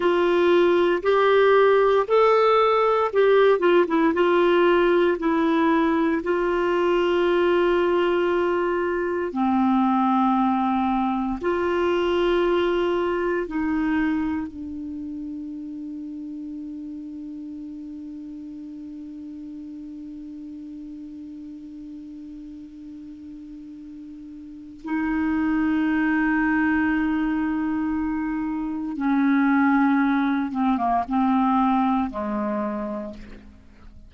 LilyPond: \new Staff \with { instrumentName = "clarinet" } { \time 4/4 \tempo 4 = 58 f'4 g'4 a'4 g'8 f'16 e'16 | f'4 e'4 f'2~ | f'4 c'2 f'4~ | f'4 dis'4 d'2~ |
d'1~ | d'1 | dis'1 | cis'4. c'16 ais16 c'4 gis4 | }